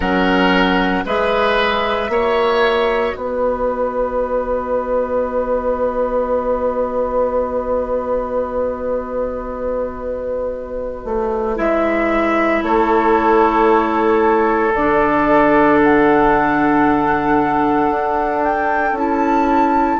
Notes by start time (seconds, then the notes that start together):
0.00 F#3 C#4 A#4 F#5
1.05 G#3 G#4 B4 E5
2.08 A#3 F#4 C#5
3.15 B3 B4 D#5
11.04 A3
11.55 G#3 E4 E5
12.61 A3 A4 C#5
14.74 D3 D4 D5
15.83 F#5
17.89 D4
18.43 G5
18.91 C#4 E4
18.97 A5